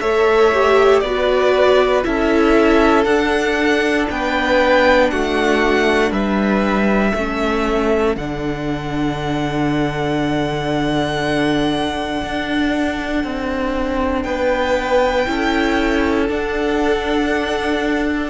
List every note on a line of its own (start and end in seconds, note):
0.00 1.02 A3
0.00 0.52 A4
0.00 1.03 C#5
0.00 1.00 E5
0.54 1.05 G4
1.00 2.04 B3
1.00 2.03 F#4
1.00 2.06 B4
1.00 2.01 D5
2.03 3.05 C#4
2.03 3.05 E4
2.03 4.10 A4
2.03 3.04 E5
3.04 4.07 D4
3.04 7.15 D4
3.04 4.06 F#5
4.10 5.11 B3
4.10 5.12 B4
4.10 5.10 G5
5.10 6.11 A3
5.10 6.11 F#4
5.10 6.12 F#5
6.11 7.13 G3
6.11 7.11 B4
6.11 8.16 E5
7.11 8.16 A3
7.11 8.17 C#4
7.11 14.23 A4
8.16 12.22 D3
8.16 15.26 D4
8.16 14.22 F#5
12.23 13.24 D4
13.24 14.25 C4
14.22 15.26 B3
14.22 15.27 B4
14.22 16.26 G5
15.26 16.29 C#4
15.26 16.28 E4
15.26 18.30 A4
16.28 18.30 D4
16.28 18.30 F#5